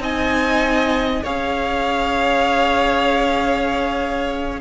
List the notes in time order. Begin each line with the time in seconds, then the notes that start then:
0.00 C4 D#4 D#5 G#5
1.23 C#4 G#4 C#5 F5